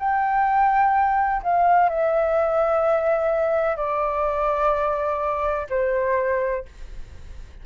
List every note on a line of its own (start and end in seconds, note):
0.00 1.43 G5
1.43 1.90 F5
1.90 3.77 E5
3.77 5.67 D5
5.70 6.65 C5